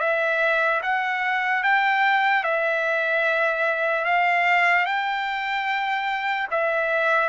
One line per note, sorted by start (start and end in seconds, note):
0.00 0.81 E5
0.82 1.63 F#5
1.63 2.44 G5
2.44 4.05 E5
4.05 4.86 F5
4.86 6.48 G5
6.51 7.29 E5